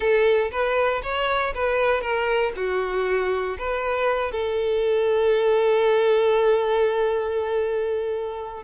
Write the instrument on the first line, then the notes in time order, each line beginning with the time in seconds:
violin
0.00 A4
0.51 B4
1.02 C#5
1.54 B4
2.01 A#4
2.55 F#4
3.58 B4
4.31 A4